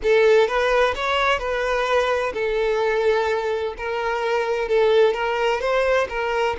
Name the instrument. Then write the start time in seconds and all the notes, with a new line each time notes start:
violin
0.02 A4
0.47 B4
0.95 C#5
1.38 B4
2.33 A4
3.77 A#4
4.68 A4
5.13 A#4
5.60 C5
6.09 A#4